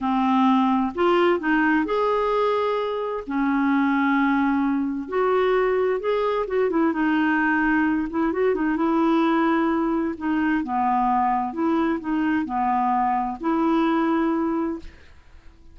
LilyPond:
\new Staff \with { instrumentName = "clarinet" } { \time 4/4 \tempo 4 = 130 c'2 f'4 dis'4 | gis'2. cis'4~ | cis'2. fis'4~ | fis'4 gis'4 fis'8 e'8 dis'4~ |
dis'4. e'8 fis'8 dis'8 e'4~ | e'2 dis'4 b4~ | b4 e'4 dis'4 b4~ | b4 e'2. | }